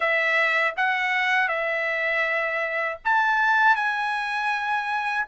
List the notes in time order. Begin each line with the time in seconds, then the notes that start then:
0.00 E5
0.77 F#5
1.48 E5
3.04 A5
3.75 G#5